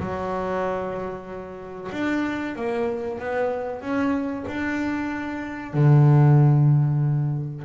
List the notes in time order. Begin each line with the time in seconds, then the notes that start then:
0.00 F#3
1.92 D4
2.56 A#3
3.20 B3
3.82 C#4
4.48 D4
5.74 D3